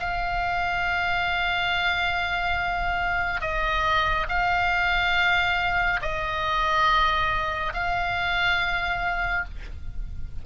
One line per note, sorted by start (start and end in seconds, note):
0.00 3.41 F5
3.41 4.27 D#5
4.29 6.00 F5
6.02 7.73 D#5
7.73 9.45 F5